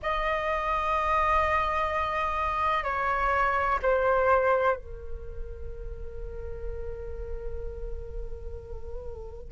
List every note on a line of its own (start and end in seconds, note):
0.02 2.83 D#5
2.83 3.78 C#5
3.82 4.76 C5
4.76 9.51 A#4